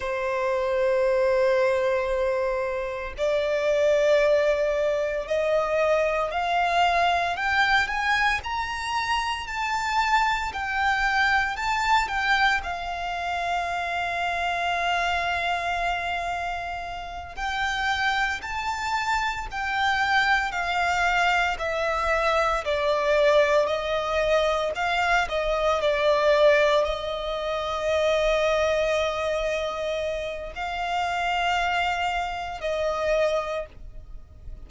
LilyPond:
\new Staff \with { instrumentName = "violin" } { \time 4/4 \tempo 4 = 57 c''2. d''4~ | d''4 dis''4 f''4 g''8 gis''8 | ais''4 a''4 g''4 a''8 g''8 | f''1~ |
f''8 g''4 a''4 g''4 f''8~ | f''8 e''4 d''4 dis''4 f''8 | dis''8 d''4 dis''2~ dis''8~ | dis''4 f''2 dis''4 | }